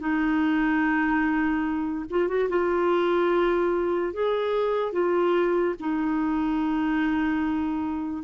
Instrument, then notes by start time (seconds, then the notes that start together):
clarinet
0.00 D#4
2.10 F4
2.29 F#4
2.50 F4
4.14 G#4
4.93 F4
5.80 D#4